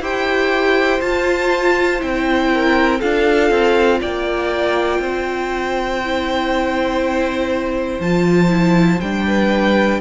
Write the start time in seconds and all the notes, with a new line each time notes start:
0.00 E4 G4 C5 G5
1.01 F4 A5
2.00 C4 E4 G5
2.54 A#4
3.00 D4 F4 A4 F5
3.51 C4
4.01 A#3 D5 G5
4.99 C4 C5
6.04 E4
8.00 F3 F4 A5
8.49 E4
9.01 G3 D4 G5
9.27 B4